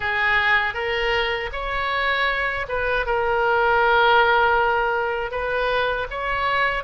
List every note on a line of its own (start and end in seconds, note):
0.00 0.74 G#4
0.74 1.50 A#4
1.52 2.66 C#5
2.68 3.06 B4
3.06 5.31 A#4
5.31 6.07 B4
6.10 6.83 C#5